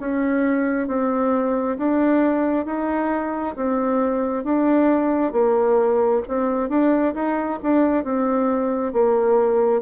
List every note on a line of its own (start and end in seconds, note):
0.00 0.88 C#4
0.88 1.77 C4
1.78 2.66 D4
2.66 3.55 D#4
3.56 4.45 C4
4.45 5.33 D4
5.33 6.22 A#3
6.28 6.70 C4
6.70 7.14 D4
7.15 7.60 D#4
7.63 8.04 D4
8.04 8.93 C4
8.93 9.82 A#3